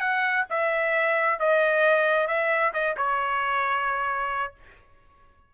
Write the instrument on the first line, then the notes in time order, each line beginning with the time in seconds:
trumpet
0.00 F#5
0.50 E5
1.40 D#5
2.27 E5
2.73 D#5
2.97 C#5